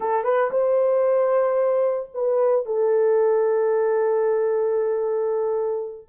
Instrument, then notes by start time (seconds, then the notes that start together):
horn
0.00 A4
0.23 B4
0.50 C5
2.14 B4
2.65 A4